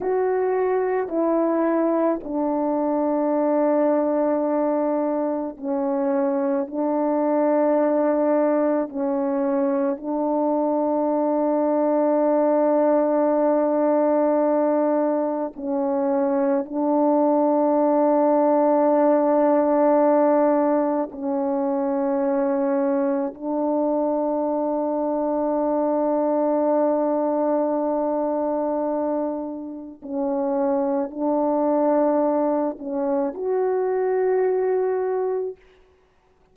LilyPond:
\new Staff \with { instrumentName = "horn" } { \time 4/4 \tempo 4 = 54 fis'4 e'4 d'2~ | d'4 cis'4 d'2 | cis'4 d'2.~ | d'2 cis'4 d'4~ |
d'2. cis'4~ | cis'4 d'2.~ | d'2. cis'4 | d'4. cis'8 fis'2 | }